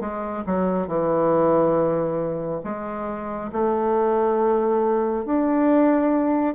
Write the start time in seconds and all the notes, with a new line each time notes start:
0.00 G#3
0.45 F#3
0.87 E3
2.64 G#3
3.52 A3
5.25 D4